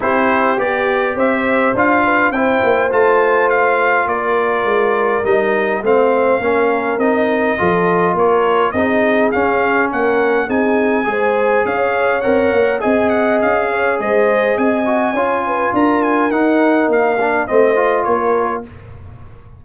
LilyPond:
<<
  \new Staff \with { instrumentName = "trumpet" } { \time 4/4 \tempo 4 = 103 c''4 d''4 e''4 f''4 | g''4 a''4 f''4 d''4~ | d''4 dis''4 f''2 | dis''2 cis''4 dis''4 |
f''4 fis''4 gis''2 | f''4 fis''4 gis''8 fis''8 f''4 | dis''4 gis''2 ais''8 gis''8 | fis''4 f''4 dis''4 cis''4 | }
  \new Staff \with { instrumentName = "horn" } { \time 4/4 g'2 c''4. b'8 | c''2. ais'4~ | ais'2 c''4 ais'4~ | ais'4 a'4 ais'4 gis'4~ |
gis'4 ais'4 gis'4 c''4 | cis''2 dis''4. cis''8 | c''4 dis''4 cis''8 b'8 ais'4~ | ais'2 c''4 ais'4 | }
  \new Staff \with { instrumentName = "trombone" } { \time 4/4 e'4 g'2 f'4 | e'4 f'2.~ | f'4 dis'4 c'4 cis'4 | dis'4 f'2 dis'4 |
cis'2 dis'4 gis'4~ | gis'4 ais'4 gis'2~ | gis'4. fis'8 f'2 | dis'4. d'8 c'8 f'4. | }
  \new Staff \with { instrumentName = "tuba" } { \time 4/4 c'4 b4 c'4 d'4 | c'8 ais8 a2 ais4 | gis4 g4 a4 ais4 | c'4 f4 ais4 c'4 |
cis'4 ais4 c'4 gis4 | cis'4 c'8 ais8 c'4 cis'4 | gis4 c'4 cis'4 d'4 | dis'4 ais4 a4 ais4 | }
>>